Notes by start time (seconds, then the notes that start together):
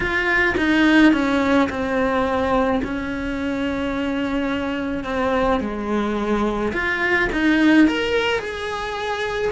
0.00 F4
0.57 D#4
1.12 C#4
1.69 C4
2.84 C#4
5.04 C4
5.60 G#3
6.72 F4
7.32 D#4
7.87 A#4
8.39 G#4